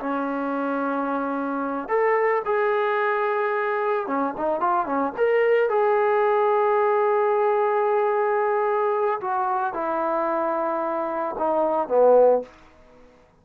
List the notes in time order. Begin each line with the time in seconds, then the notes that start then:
0.00 C#4
1.89 A4
2.45 G#4
4.07 C#4
4.37 D#4
4.61 F4
4.86 C#4
5.17 A#4
5.70 G#4
9.21 F#4
9.74 E4
11.39 D#4
11.88 B3